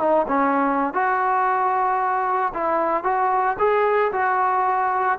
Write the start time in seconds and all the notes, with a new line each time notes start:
0.00 D#4
0.28 C#4
0.94 F#4
2.54 E4
3.04 F#4
3.59 G#4
4.13 F#4